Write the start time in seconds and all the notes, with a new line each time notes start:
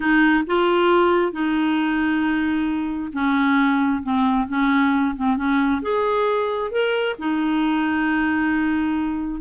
0.00 D#4
0.46 F4
1.32 D#4
3.12 C#4
4.03 C4
4.48 C#4
5.16 C4
5.36 C#4
5.81 G#4
6.71 A#4
7.18 D#4